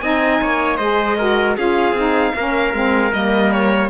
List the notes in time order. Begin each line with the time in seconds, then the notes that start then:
0.00 C4 D#4 D#5 G#5
0.41 A#3 C#5
0.77 G#3 G#4 C5 D#5
1.18 F#4 A#4
1.57 C#4 F4 G#4 F5
1.92 C4 D#4
2.35 A#3 C#4 A#4
2.74 G#3 C4
3.12 G3 A#3 D#5
3.51 C#5